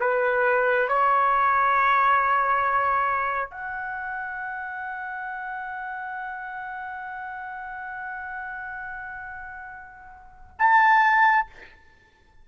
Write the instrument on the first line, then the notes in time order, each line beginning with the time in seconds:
trumpet
0.00 B4
0.88 C#5
3.50 F#5
10.58 A5